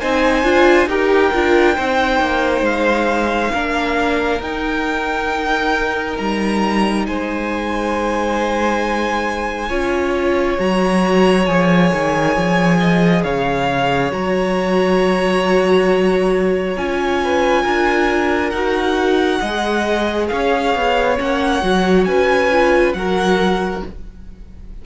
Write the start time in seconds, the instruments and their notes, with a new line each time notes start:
0.00 cello C4, viola D#4, violin C5 G#5
0.43 cello D4, viola F4
0.87 cello D#4, viola G4, violin A#4 G5
1.33 cello D4, viola F4
1.76 cello C4, viola D#4, violin C5
2.20 cello A#3
2.61 cello G#3, violin F5
3.53 cello A#3, viola D4, violin A#4
4.40 cello D#4, viola D#4, violin G5
6.17 cello G3, violin A#5
7.07 cello G#3, violin C5 G#5
9.69 cello C#4, viola F4, violin C#5
10.58 cello F#3, viola F#4, violin A#5
11.46 cello F3, viola G#4, violin G#5
11.93 cello D#3
12.36 cello F3
12.80 violin D#5
13.23 cello C#3, violin C#5 F5
14.11 cello F#3, viola F#4, violin A#5
16.77 cello C#4, viola F4, violin G#5
17.24 violin B4
17.63 cello D4, violin A#4
18.50 cello D#4, viola F#4, violin F#5
19.40 cello G#3, viola G#4, violin D#5
20.28 cello C#4, violin C#5 F5
20.75 cello B3
21.17 cello A#3, viola C#4, violin F#5
21.61 cello F#3, viola F#4
22.05 cello C#4, violin B4 G#5
22.52 viola F4
22.94 cello F#3, viola F#4, violin A#4 F#5